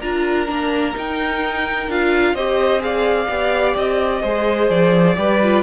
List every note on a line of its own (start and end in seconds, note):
0.00 0.48 D4
0.00 0.47 F4
0.00 2.34 A#4
0.00 0.95 A#5
0.47 0.95 A#3
0.47 0.94 D4
0.94 1.88 D#4
0.94 1.91 G5
1.88 2.33 D4
1.88 2.37 F4
1.88 2.35 F5
2.33 3.27 C4
2.33 2.80 G4
2.33 2.82 C5
2.33 2.82 D#5
2.80 3.27 G#4
2.80 4.22 D5
2.80 3.76 F5
3.29 3.75 B3
3.29 4.23 G4
3.76 4.23 C4
3.76 4.70 D#5
4.22 4.70 G#3
4.22 5.16 G#4
4.22 5.16 C5
4.70 5.17 F3
4.70 5.62 D5
5.16 5.62 G3
5.16 5.40 G4
5.16 5.62 B4
5.43 5.62 F4